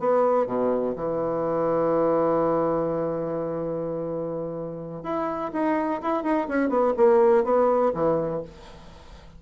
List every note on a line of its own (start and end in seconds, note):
0.00 0.47 B3
0.47 0.95 B2
0.96 5.03 E3
5.03 5.51 E4
5.53 6.01 D#4
6.02 6.23 E4
6.23 6.47 D#4
6.48 6.69 C#4
6.69 6.93 B3
6.97 7.44 A#3
7.44 7.92 B3
7.94 8.42 E3